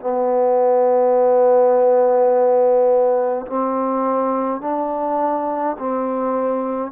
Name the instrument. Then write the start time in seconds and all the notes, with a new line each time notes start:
trombone
0.00 B3
3.47 C4
4.61 D4
5.80 C4